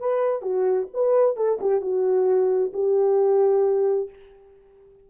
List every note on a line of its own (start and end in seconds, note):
0.00 0.42 B4
0.42 0.88 F#4
0.94 1.36 B4
1.36 1.59 A4
1.61 1.81 G4
1.81 2.72 F#4
2.73 4.10 G4